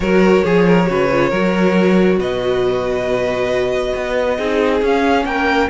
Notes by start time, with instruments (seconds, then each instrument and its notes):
0.00 cello F#3, viola F#4, violin A#4 C#5
0.44 cello F3, violin G#4, viola G#4
0.67 violin A#4
0.85 cello C#3, viola F#4, violin B4
1.11 viola F4
1.29 cello F#3, viola F#4, violin A#4
2.18 cello B2, violin B4 D#5
3.95 cello B3
4.36 cello C4, viola D#4, violin G#4
4.81 cello C#4, viola C#4, violin F5
5.25 cello A#3, violin A#4 G5